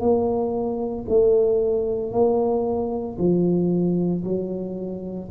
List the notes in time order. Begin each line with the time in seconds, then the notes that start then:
0.00 A#3
1.09 A3
2.12 A#3
3.19 F3
4.24 F#3